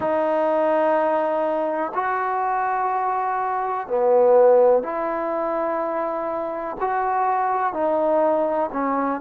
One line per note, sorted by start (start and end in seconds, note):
0.00 1.92 D#4
1.94 3.87 F#4
3.87 4.83 B3
4.83 6.76 E4
6.80 7.73 F#4
7.73 8.70 D#4
8.72 9.20 C#4